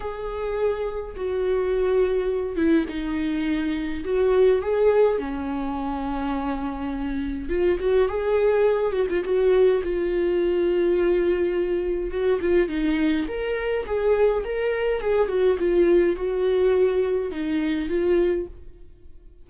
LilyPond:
\new Staff \with { instrumentName = "viola" } { \time 4/4 \tempo 4 = 104 gis'2 fis'2~ | fis'8 e'8 dis'2 fis'4 | gis'4 cis'2.~ | cis'4 f'8 fis'8 gis'4. fis'16 f'16 |
fis'4 f'2.~ | f'4 fis'8 f'8 dis'4 ais'4 | gis'4 ais'4 gis'8 fis'8 f'4 | fis'2 dis'4 f'4 | }